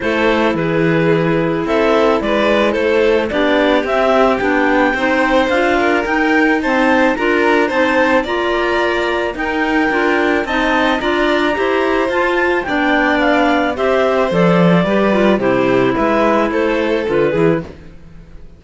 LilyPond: <<
  \new Staff \with { instrumentName = "clarinet" } { \time 4/4 \tempo 4 = 109 c''4 b'2 e''4 | d''4 c''4 d''4 e''4 | g''2 f''4 g''4 | a''4 ais''4 a''4 ais''4~ |
ais''4 g''2 a''4 | ais''2 a''4 g''4 | f''4 e''4 d''2 | c''4 e''4 c''4 b'4 | }
  \new Staff \with { instrumentName = "violin" } { \time 4/4 a'4 gis'2 a'4 | b'4 a'4 g'2~ | g'4 c''4. ais'4. | c''4 ais'4 c''4 d''4~ |
d''4 ais'2 dis''4 | d''4 c''2 d''4~ | d''4 c''2 b'4 | g'4 b'4 a'4. gis'8 | }
  \new Staff \with { instrumentName = "clarinet" } { \time 4/4 e'1~ | e'2 d'4 c'4 | d'4 dis'4 f'4 dis'4 | c'4 f'4 dis'4 f'4~ |
f'4 dis'4 f'4 dis'4 | f'4 g'4 f'4 d'4~ | d'4 g'4 a'4 g'8 f'8 | e'2. f'8 e'8 | }
  \new Staff \with { instrumentName = "cello" } { \time 4/4 a4 e2 c'4 | gis4 a4 b4 c'4 | b4 c'4 d'4 dis'4~ | dis'4 d'4 c'4 ais4~ |
ais4 dis'4 d'4 c'4 | d'4 e'4 f'4 b4~ | b4 c'4 f4 g4 | c4 gis4 a4 d8 e8 | }
>>